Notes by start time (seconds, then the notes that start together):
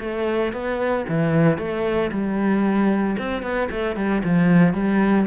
0.00 A3
0.53 B3
1.08 E3
1.58 A3
2.12 G3
3.18 C4
3.43 B3
3.71 A3
3.96 G3
4.24 F3
4.74 G3